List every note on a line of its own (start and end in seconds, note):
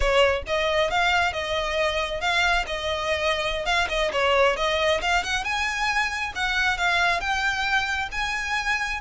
0.00 0.42 C#5
0.46 0.90 D#5
0.90 1.33 F5
1.33 2.20 D#5
2.20 2.65 F5
2.67 3.65 D#5
3.65 3.87 F5
3.88 4.11 D#5
4.12 4.56 C#5
4.56 5.00 D#5
5.01 5.23 F5
5.23 5.43 F#5
5.43 6.32 G#5
6.35 6.77 F#5
6.77 7.20 F5
7.20 8.09 G5
8.11 9.00 G#5